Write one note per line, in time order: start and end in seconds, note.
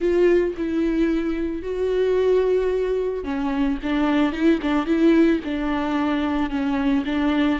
0.00 0.54 F4
0.57 1.62 E4
1.62 3.23 F#4
3.23 3.77 C#4
3.83 4.32 D4
4.32 4.59 E4
4.61 4.86 D4
4.86 5.40 E4
5.44 6.50 D4
6.50 7.04 C#4
7.05 7.59 D4